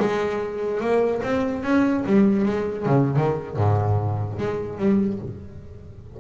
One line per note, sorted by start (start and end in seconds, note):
0.00 0.81 G#3
0.81 1.22 A#3
1.23 1.63 C4
1.63 2.04 C#4
2.06 2.45 G3
2.45 2.86 G#3
2.86 3.17 C#3
3.17 3.57 D#3
3.57 4.39 G#2
4.39 4.78 G#3
4.78 5.19 G3